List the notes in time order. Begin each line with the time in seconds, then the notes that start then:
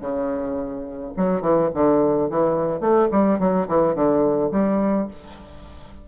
0.00 C#3
1.16 F#3
1.41 E3
1.74 D3
2.30 E3
2.80 A3
3.11 G3
3.39 F#3
3.68 E3
3.95 D3
4.51 G3